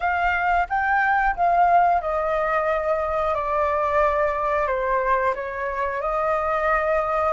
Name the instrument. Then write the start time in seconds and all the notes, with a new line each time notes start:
flute
0.00 F5
0.68 G5
1.36 F5
2.01 D#5
3.34 D5
4.67 C5
5.35 C#5
6.01 D#5